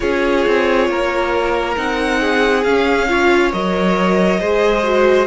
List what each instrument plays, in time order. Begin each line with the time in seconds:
0.00 cello C#4, viola F4, violin G#4 C#5
0.46 cello C4
0.88 cello A#3, violin A#4
1.76 cello C4, viola D#4, violin F#5
2.20 violin G#4
2.63 viola C#4, cello C#4, violin F5
3.08 viola F4, violin C#5
3.52 cello F#3, viola A#4, violin D#5
4.39 cello G#3, viola G#4, violin C5
4.83 viola F#4